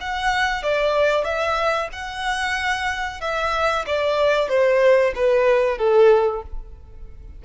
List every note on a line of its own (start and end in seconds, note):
0.00 0.62 F#5
0.62 1.24 D5
1.24 1.89 E5
1.92 3.20 F#5
3.20 3.85 E5
3.86 4.48 D5
4.48 5.13 C5
5.15 5.77 B4
5.77 6.42 A4